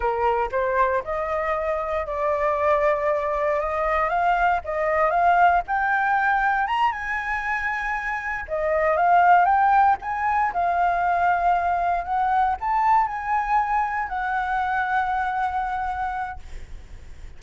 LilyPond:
\new Staff \with { instrumentName = "flute" } { \time 4/4 \tempo 4 = 117 ais'4 c''4 dis''2 | d''2. dis''4 | f''4 dis''4 f''4 g''4~ | g''4 ais''8 gis''2~ gis''8~ |
gis''8 dis''4 f''4 g''4 gis''8~ | gis''8 f''2. fis''8~ | fis''8 a''4 gis''2 fis''8~ | fis''1 | }